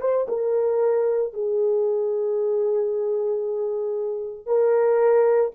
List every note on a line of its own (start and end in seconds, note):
0.00 0.26 C5
0.28 1.33 A#4
1.33 4.45 G#4
4.45 5.51 A#4